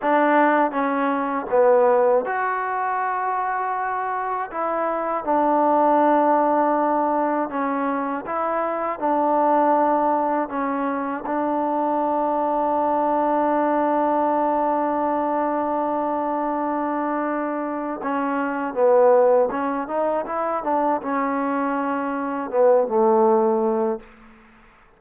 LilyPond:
\new Staff \with { instrumentName = "trombone" } { \time 4/4 \tempo 4 = 80 d'4 cis'4 b4 fis'4~ | fis'2 e'4 d'4~ | d'2 cis'4 e'4 | d'2 cis'4 d'4~ |
d'1~ | d'1 | cis'4 b4 cis'8 dis'8 e'8 d'8 | cis'2 b8 a4. | }